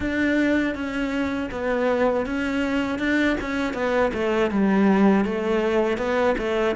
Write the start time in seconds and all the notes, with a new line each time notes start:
0.00 D4
0.74 C#4
1.51 B3
2.26 C#4
2.99 D4
3.40 C#4
3.73 B3
4.13 A3
4.50 G3
5.24 A3
5.97 B3
6.38 A3